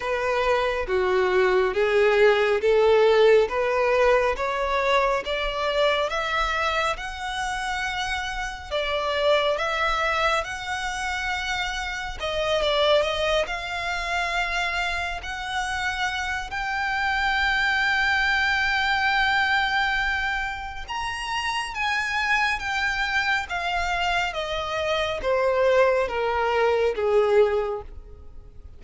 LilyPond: \new Staff \with { instrumentName = "violin" } { \time 4/4 \tempo 4 = 69 b'4 fis'4 gis'4 a'4 | b'4 cis''4 d''4 e''4 | fis''2 d''4 e''4 | fis''2 dis''8 d''8 dis''8 f''8~ |
f''4. fis''4. g''4~ | g''1 | ais''4 gis''4 g''4 f''4 | dis''4 c''4 ais'4 gis'4 | }